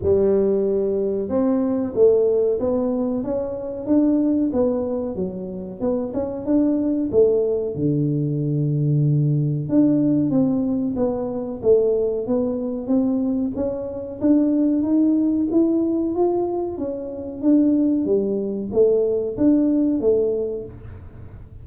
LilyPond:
\new Staff \with { instrumentName = "tuba" } { \time 4/4 \tempo 4 = 93 g2 c'4 a4 | b4 cis'4 d'4 b4 | fis4 b8 cis'8 d'4 a4 | d2. d'4 |
c'4 b4 a4 b4 | c'4 cis'4 d'4 dis'4 | e'4 f'4 cis'4 d'4 | g4 a4 d'4 a4 | }